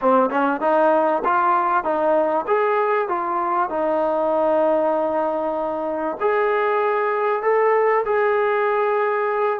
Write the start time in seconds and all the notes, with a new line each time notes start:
0.01 C4
0.30 C#4
0.60 D#4
1.24 F4
1.84 D#4
2.47 G#4
3.08 F4
3.69 D#4
6.20 G#4
7.42 A4
8.05 G#4